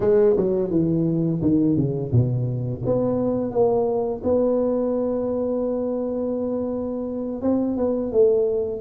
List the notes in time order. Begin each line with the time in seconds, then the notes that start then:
0.00 G#3
0.36 F#3
0.70 E3
1.41 D#3
1.76 C#3
2.11 B2
2.85 B3
3.51 A#3
4.24 B3
7.41 C4
7.76 B3
8.12 A3